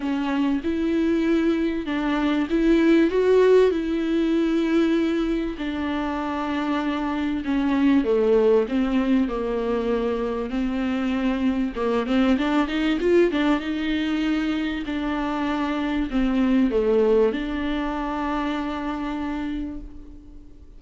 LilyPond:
\new Staff \with { instrumentName = "viola" } { \time 4/4 \tempo 4 = 97 cis'4 e'2 d'4 | e'4 fis'4 e'2~ | e'4 d'2. | cis'4 a4 c'4 ais4~ |
ais4 c'2 ais8 c'8 | d'8 dis'8 f'8 d'8 dis'2 | d'2 c'4 a4 | d'1 | }